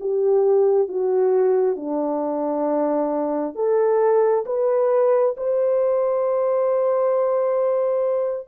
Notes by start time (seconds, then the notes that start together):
0.00 G4
0.88 F#4
1.76 D4
3.55 A4
4.46 B4
5.37 C5